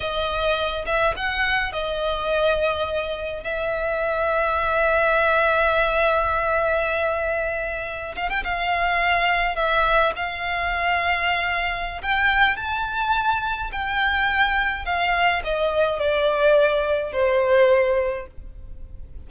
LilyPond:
\new Staff \with { instrumentName = "violin" } { \time 4/4 \tempo 4 = 105 dis''4. e''8 fis''4 dis''4~ | dis''2 e''2~ | e''1~ | e''2~ e''16 f''16 g''16 f''4~ f''16~ |
f''8. e''4 f''2~ f''16~ | f''4 g''4 a''2 | g''2 f''4 dis''4 | d''2 c''2 | }